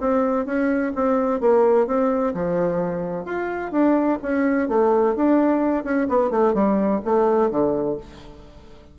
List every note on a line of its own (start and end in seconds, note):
0.00 0.45 C4
0.45 0.92 C#4
0.95 1.40 C4
1.40 1.86 A#3
1.86 2.33 C4
2.34 3.25 F3
3.25 3.71 F4
3.71 4.18 D4
4.22 4.68 C#4
4.68 5.15 A3
5.15 5.84 D4
5.84 6.07 C#4
6.09 6.30 B3
6.30 6.53 A3
6.53 7.00 G3
7.05 7.50 A3
7.50 7.97 D3